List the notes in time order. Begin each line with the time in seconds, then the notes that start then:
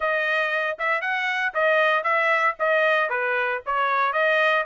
0.00 D#5
0.78 E5
1.01 F#5
1.54 D#5
2.03 E5
2.59 D#5
3.09 B4
3.65 C#5
4.12 D#5